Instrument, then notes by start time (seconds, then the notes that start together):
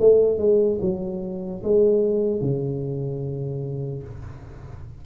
tuba
0.00 A3
0.39 G#3
0.81 F#3
1.64 G#3
2.41 C#3